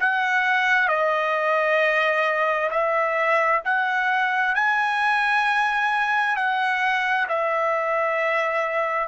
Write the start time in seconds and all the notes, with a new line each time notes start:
0.00 F#5
0.88 D#5
2.71 E5
3.65 F#5
4.55 G#5
6.36 F#5
7.29 E5